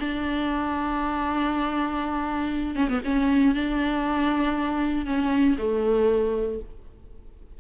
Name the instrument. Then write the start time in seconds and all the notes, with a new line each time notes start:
viola
0.00 D4
2.76 C#4
2.89 B3
3.05 C#4
3.55 D4
5.06 C#4
5.58 A3